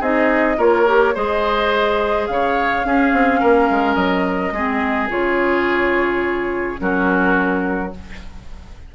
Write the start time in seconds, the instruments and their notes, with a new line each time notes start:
0.00 bassoon C4, clarinet D#4, oboe G#4, flute D#5
0.57 bassoon A#3, clarinet F4, oboe A#4, flute C#5
0.87 clarinet G4
1.15 bassoon G#3, clarinet G#4, oboe C5, flute D#5
2.27 bassoon C#3, oboe C#5, flute F5
2.84 clarinet C#4, bassoon C#4, oboe G#4
3.13 bassoon C4
3.40 bassoon A#3, oboe A#4
3.70 bassoon G#3
3.95 bassoon F#3, flute D#5
4.52 bassoon G#3, clarinet C4, oboe G#4
5.10 bassoon C#3, clarinet F4, flute C#5
6.78 bassoon F#3, clarinet C#4, oboe F#4, flute A#4